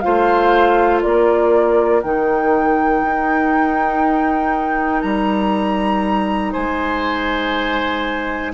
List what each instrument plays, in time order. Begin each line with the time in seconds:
0.00 bassoon A3, clarinet F4, oboe C5, flute F5
1.01 bassoon A#3, oboe A#4, flute D5
2.01 bassoon D#3, clarinet D#4, flute G5
3.03 bassoon D#4
5.01 bassoon G3, flute A#5
6.52 bassoon G#3, oboe C5, flute G#5